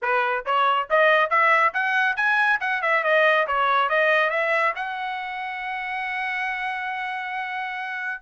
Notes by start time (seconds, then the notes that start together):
0.01 B4
0.45 C#5
0.89 D#5
1.30 E5
1.73 F#5
2.16 G#5
2.60 F#5
2.82 E5
3.03 D#5
3.47 C#5
3.89 D#5
4.29 E5
4.75 F#5